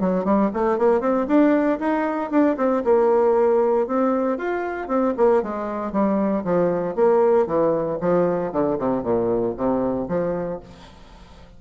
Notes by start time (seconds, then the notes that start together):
0.00 F#3
0.24 G3
0.53 A3
0.78 A#3
1.00 C4
1.27 D4
1.79 D#4
2.30 D4
2.57 C4
2.84 A#3
3.87 C4
4.38 F4
4.88 C4
5.17 A#3
5.42 G#3
5.92 G3
6.44 F3
6.95 A#3
7.46 E3
8.00 F3
8.52 D3
8.78 C3
9.03 A#2
9.57 C3
10.08 F3